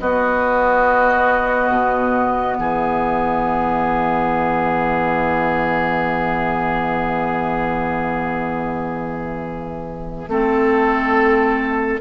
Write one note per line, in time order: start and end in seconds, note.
0.00 1.70 B3
0.00 10.29 B3
0.00 2.58 F#4
0.00 2.56 D#5
1.70 2.56 B2
2.56 10.28 E3
2.56 10.30 G#4
2.56 11.99 E5
10.28 12.00 A3
10.28 12.01 C4
10.28 12.01 A4